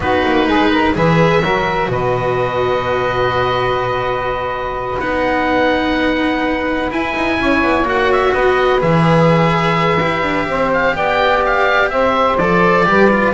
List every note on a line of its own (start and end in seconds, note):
0.00 0.24 B3
0.00 0.94 D#4
0.00 0.47 F#4
0.00 0.96 B4
0.25 0.48 A#3
0.47 0.95 G#3
0.47 0.71 G#4
0.71 0.95 A#4
0.94 1.42 E3
0.94 1.41 G#4
0.94 1.42 B4
0.94 1.91 E5
1.42 1.87 F#3
1.42 5.00 F#4
1.42 1.90 A#4
1.87 4.97 B2
1.87 7.37 B4
1.87 4.99 D#5
4.98 6.89 B3
4.98 6.91 D#4
4.98 6.90 F#5
6.90 7.13 E4
6.90 7.84 E4
6.90 7.87 G#5
7.14 7.38 D#4
7.39 7.63 C#4
7.39 8.32 C#5
7.63 7.84 B3
7.84 8.31 A#3
7.84 8.79 F#4
7.84 8.12 F#5
8.12 8.33 E5
8.32 8.81 B3
8.32 10.47 B4
8.32 8.81 D#5
8.79 10.01 E3
8.79 9.98 G#4
8.79 10.72 E5
10.00 10.22 E4
10.00 12.38 G4
10.22 10.46 D4
10.46 10.94 C4
10.46 10.95 C5
10.72 10.96 F5
10.94 11.90 B3
10.94 11.90 D5
10.94 11.43 G5
11.45 11.89 F5
11.89 12.37 C4
11.89 12.86 C5
11.89 12.37 E5
12.37 12.86 F3
12.37 12.85 A4
12.37 13.33 D5
12.85 13.33 G3
12.85 13.09 G4
12.85 13.33 B4
13.10 13.33 F4